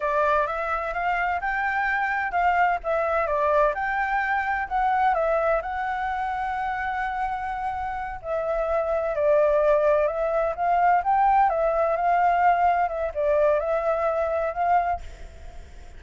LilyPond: \new Staff \with { instrumentName = "flute" } { \time 4/4 \tempo 4 = 128 d''4 e''4 f''4 g''4~ | g''4 f''4 e''4 d''4 | g''2 fis''4 e''4 | fis''1~ |
fis''4. e''2 d''8~ | d''4. e''4 f''4 g''8~ | g''8 e''4 f''2 e''8 | d''4 e''2 f''4 | }